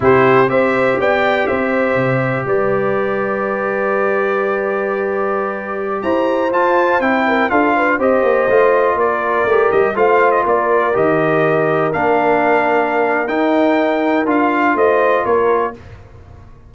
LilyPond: <<
  \new Staff \with { instrumentName = "trumpet" } { \time 4/4 \tempo 4 = 122 c''4 e''4 g''4 e''4~ | e''4 d''2.~ | d''1~ | d''16 ais''4 a''4 g''4 f''8.~ |
f''16 dis''2 d''4. dis''16~ | dis''16 f''8. dis''16 d''4 dis''4.~ dis''16~ | dis''16 f''2~ f''8. g''4~ | g''4 f''4 dis''4 cis''4 | }
  \new Staff \with { instrumentName = "horn" } { \time 4/4 g'4 c''4 d''4 c''4~ | c''4 b'2.~ | b'1~ | b'16 c''2~ c''8 ais'8 a'8 b'16~ |
b'16 c''2 ais'4.~ ais'16~ | ais'16 c''4 ais'2~ ais'8.~ | ais'1~ | ais'2 c''4 ais'4 | }
  \new Staff \with { instrumentName = "trombone" } { \time 4/4 e'4 g'2.~ | g'1~ | g'1~ | g'4~ g'16 f'4 e'4 f'8.~ |
f'16 g'4 f'2 g'8.~ | g'16 f'2 g'4.~ g'16~ | g'16 d'2~ d'8. dis'4~ | dis'4 f'2. | }
  \new Staff \with { instrumentName = "tuba" } { \time 4/4 c4 c'4 b4 c'4 | c4 g2.~ | g1~ | g16 e'4 f'4 c'4 d'8.~ |
d'16 c'8 ais8 a4 ais4 a8 g16~ | g16 a4 ais4 dis4.~ dis16~ | dis16 ais2~ ais8. dis'4~ | dis'4 d'4 a4 ais4 | }
>>